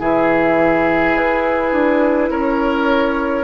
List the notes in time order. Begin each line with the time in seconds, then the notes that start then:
0.00 E3 E4 G#4 E5
1.17 E4 B4
1.73 D4
2.31 C#4 A#4 C#5